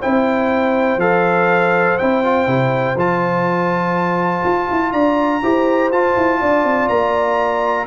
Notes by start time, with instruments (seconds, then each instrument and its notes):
0.00 tuba C4, trombone E4, horn C5, trumpet G5
0.97 tuba F3, trombone A4, trumpet F5
1.98 tuba C4, trombone E4, trumpet G5
2.24 trombone F4
2.47 tuba C3, trombone E4
2.95 tuba F3, trombone F4, trumpet A5
4.44 tuba F4
4.70 tuba E4
4.93 tuba D4, horn D5, trumpet A#5
5.42 tuba E4, trombone G4, horn C5
5.91 tuba F4, trombone F4, trumpet A5
6.16 tuba E4
6.40 tuba D4, horn D5
6.64 tuba C4
6.89 tuba A#3, trumpet A#5